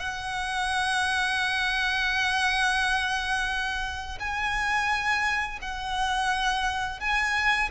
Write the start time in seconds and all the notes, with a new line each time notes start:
0.00 F#5
4.20 G#5
5.62 F#5
7.00 G#5